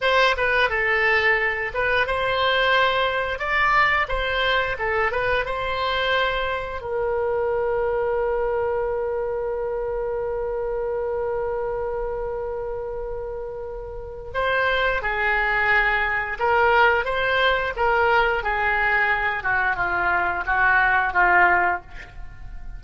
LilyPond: \new Staff \with { instrumentName = "oboe" } { \time 4/4 \tempo 4 = 88 c''8 b'8 a'4. b'8 c''4~ | c''4 d''4 c''4 a'8 b'8 | c''2 ais'2~ | ais'1~ |
ais'1~ | ais'4 c''4 gis'2 | ais'4 c''4 ais'4 gis'4~ | gis'8 fis'8 f'4 fis'4 f'4 | }